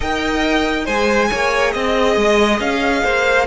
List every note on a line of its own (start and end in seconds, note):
0.00 0.87 D#4
0.00 0.85 A#4
0.00 0.85 D#5
0.00 0.86 G5
0.85 1.30 G#3
0.85 3.47 G#4
0.85 1.28 C5
0.85 1.71 G#5
1.30 1.74 A#3
1.30 1.73 C#5
1.71 2.16 C4
1.71 2.58 D#5
1.71 3.03 D#5
2.16 2.59 G#3
2.59 3.03 C#4
2.59 3.47 F5
3.03 3.47 A#3
3.03 3.47 C5